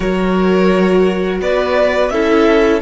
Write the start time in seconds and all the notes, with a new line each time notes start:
0.00 F#3 F#4 A#4 C#5
1.40 B3 B4 D5
2.09 C#4 E4 A4 E5